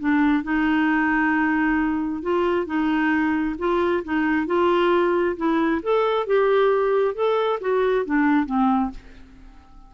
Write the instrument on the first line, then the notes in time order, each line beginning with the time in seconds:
clarinet
0.00 D4
0.44 D#4
2.22 F4
2.66 D#4
3.59 F4
4.04 D#4
4.47 F4
5.37 E4
5.83 A4
6.26 G4
7.15 A4
7.61 F#4
8.05 D4
8.46 C4